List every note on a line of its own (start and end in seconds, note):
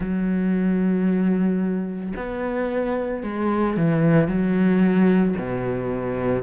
0.00 2.13 F#3
2.16 3.23 B3
3.23 3.76 G#3
3.76 4.28 E3
4.28 5.35 F#3
5.38 6.42 B2